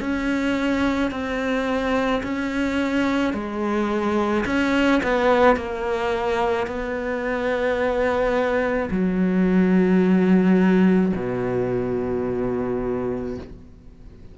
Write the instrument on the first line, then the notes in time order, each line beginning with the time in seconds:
cello
0.00 C#4
1.11 C4
2.23 C#4
3.33 G#3
4.46 C#4
5.03 B3
5.56 A#3
6.67 B3
8.90 F#3
11.15 B2